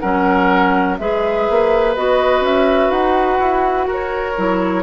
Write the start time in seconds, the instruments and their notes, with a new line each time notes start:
0.00 bassoon F#3, clarinet C#4, oboe A#4, flute F#5
0.99 bassoon G#3, clarinet G#4, oboe B4, flute E5
1.50 bassoon A#3
1.96 bassoon B3, clarinet F#4, flute D#5
2.41 bassoon C#4, flute E5
2.91 bassoon D#4, flute F#5
3.40 bassoon E4
3.87 bassoon F#4, oboe A#4, flute C#5
4.37 bassoon F#3, clarinet E4